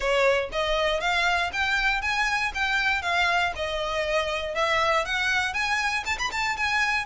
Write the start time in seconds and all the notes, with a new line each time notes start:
0.00 C#5
0.52 D#5
1.00 F5
1.52 G5
2.01 G#5
2.54 G5
3.02 F5
3.55 D#5
4.54 E5
5.05 F#5
5.53 G#5
6.05 A5
6.18 B5
6.31 A5
6.56 G#5